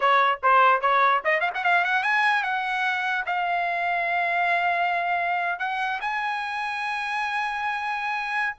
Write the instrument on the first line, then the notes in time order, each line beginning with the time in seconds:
trumpet
0.00 C#5
0.42 C5
0.81 C#5
1.24 D#5
1.40 F5
1.54 F#5
1.64 F5
1.84 F#5
2.03 G#5
2.43 F#5
3.25 F5
5.59 F#5
6.01 G#5